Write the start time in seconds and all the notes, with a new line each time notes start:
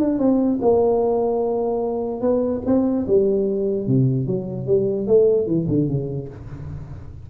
0.00 D4
0.19 C4
0.62 A#3
2.21 B3
2.66 C4
3.07 G3
3.87 C3
4.27 F#3
4.67 G3
5.07 A3
5.47 E3
5.69 D3
5.88 C#3